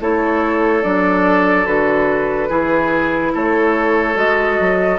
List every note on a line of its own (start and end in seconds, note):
0.00 0.83 A3
0.00 0.82 E4
0.00 2.48 A4
0.00 0.83 C#5
0.82 1.66 F#3
0.82 1.66 D4
0.82 1.66 D5
1.66 2.49 D3
1.66 2.49 F#4
1.66 3.32 B4
2.48 3.34 E3
2.48 4.14 E4
2.48 3.32 G#4
3.34 4.16 A3
3.34 4.99 A4
3.34 4.17 C#5
4.14 4.58 G#3
4.14 4.97 F#4
4.14 4.99 D#5
4.60 4.99 F#3